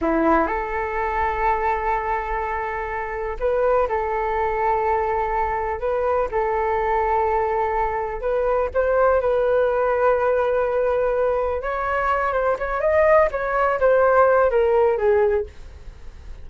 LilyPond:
\new Staff \with { instrumentName = "flute" } { \time 4/4 \tempo 4 = 124 e'4 a'2.~ | a'2. b'4 | a'1 | b'4 a'2.~ |
a'4 b'4 c''4 b'4~ | b'1 | cis''4. c''8 cis''8 dis''4 cis''8~ | cis''8 c''4. ais'4 gis'4 | }